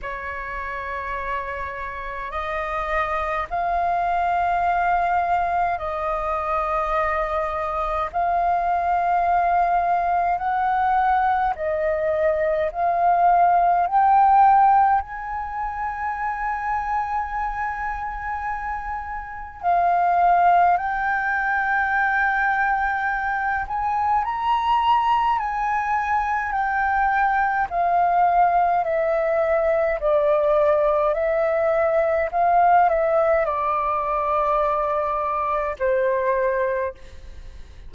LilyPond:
\new Staff \with { instrumentName = "flute" } { \time 4/4 \tempo 4 = 52 cis''2 dis''4 f''4~ | f''4 dis''2 f''4~ | f''4 fis''4 dis''4 f''4 | g''4 gis''2.~ |
gis''4 f''4 g''2~ | g''8 gis''8 ais''4 gis''4 g''4 | f''4 e''4 d''4 e''4 | f''8 e''8 d''2 c''4 | }